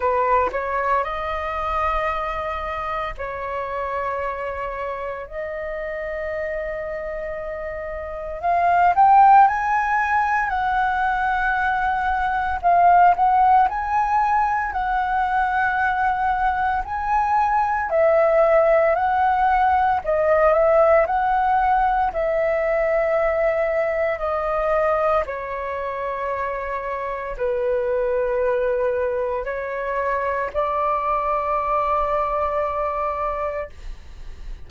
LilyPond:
\new Staff \with { instrumentName = "flute" } { \time 4/4 \tempo 4 = 57 b'8 cis''8 dis''2 cis''4~ | cis''4 dis''2. | f''8 g''8 gis''4 fis''2 | f''8 fis''8 gis''4 fis''2 |
gis''4 e''4 fis''4 dis''8 e''8 | fis''4 e''2 dis''4 | cis''2 b'2 | cis''4 d''2. | }